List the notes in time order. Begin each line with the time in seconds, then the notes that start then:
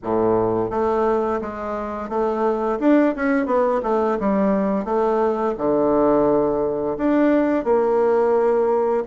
0.03 A2
0.70 A3
1.41 G#3
2.09 A3
2.79 D4
3.15 C#4
3.46 B3
3.82 A3
4.19 G3
4.84 A3
5.57 D3
6.97 D4
7.64 A#3